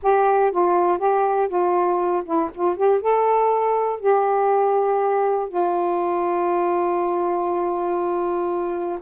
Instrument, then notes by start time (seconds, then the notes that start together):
saxophone
0.02 G4
0.51 F4
0.98 G4
1.48 F4
2.25 E4
2.54 F4
2.76 G4
3.01 A4
4.00 G4
5.49 F4